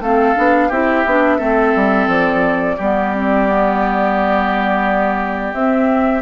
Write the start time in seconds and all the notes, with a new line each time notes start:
0.00 A3 C4 A4 F5
0.36 B3 D4
0.68 C4 E4 G4 E5
1.05 B3 D4
1.38 A3 C4 A4
1.76 G3
2.07 F3 D5
2.77 G3 B3 G4
3.15 C4
3.47 B3
5.53 C4 E5